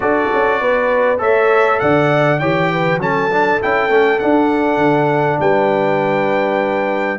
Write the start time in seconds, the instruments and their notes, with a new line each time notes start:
0.00 tuba D4, trombone F#4, horn A4, trumpet D5
0.33 tuba C#4
0.60 tuba B3, horn B4
1.18 tuba A3, trombone A4, horn C#5, trumpet E5
1.79 tuba D3, horn D5, trumpet F#5
2.39 tuba E3, trombone G4, horn C#5, trumpet G5
2.72 horn B4
2.97 tuba F#3, trombone C#4, horn A4, trumpet A5
3.30 trombone D4
3.61 tuba C#4, trombone E4, trumpet G5
3.89 tuba A3, trombone C#4
4.19 trombone D4, tuba D4, trumpet F#5
4.77 tuba D3
5.40 tuba G3, horn B4, trumpet G5